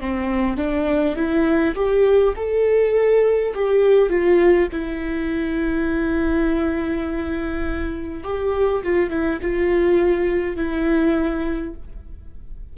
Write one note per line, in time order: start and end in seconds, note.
0.00 0.57 C4
0.57 1.16 D4
1.16 1.74 E4
1.75 2.34 G4
2.36 3.53 A4
3.55 4.09 G4
4.09 4.68 F4
4.72 8.24 E4
8.24 8.82 G4
8.83 9.10 F4
9.10 9.39 E4
9.42 10.56 F4
10.56 11.74 E4